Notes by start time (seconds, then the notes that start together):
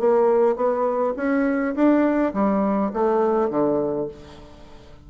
0.00 A#3
0.56 B3
1.17 C#4
1.76 D4
2.34 G3
2.93 A3
3.50 D3